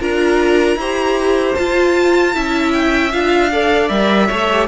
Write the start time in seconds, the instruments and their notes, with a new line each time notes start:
0.00 cello D4, viola F4, violin A#4 A#5
0.76 cello E4, viola G4, violin C5
1.55 viola F4, cello F4, violin A5
2.33 cello C#4, viola E4, violin E5
2.73 violin G5
3.12 cello D4, viola F4, violin F5
3.52 viola A4, violin D5
3.89 cello G3, viola A#4, violin E5
4.28 cello A3, viola A4, violin C#5
4.51 viola G4